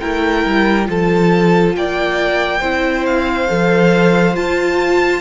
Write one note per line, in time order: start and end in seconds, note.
0.00 0.45 A3
0.00 0.86 E4
0.00 0.88 A#4
0.00 0.87 G5
0.45 0.89 G3
0.86 1.76 F3
0.86 2.59 F4
0.86 1.76 A4
0.86 1.76 A5
1.76 2.61 A#3
1.76 2.60 D5
1.76 3.06 G5
2.60 3.48 C4
2.60 3.48 E4
2.60 5.21 C5
3.06 4.36 F5
3.48 4.36 F3
3.48 4.34 A4
4.34 5.21 F4
4.34 5.21 A5